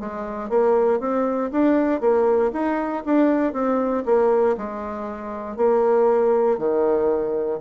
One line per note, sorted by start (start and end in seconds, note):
0.00 0.49 G#3
0.49 1.00 A#3
1.00 1.51 C4
1.52 2.01 D4
2.01 2.51 A#3
2.52 3.03 D#4
3.06 3.53 D4
3.53 4.04 C4
4.05 4.56 A#3
4.58 5.57 G#3
5.57 6.58 A#3
6.58 7.60 D#3